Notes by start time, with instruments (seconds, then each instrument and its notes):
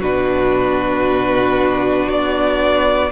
0.00 cello B2, viola D4, violin F#4 B4
2.08 cello B3, violin D5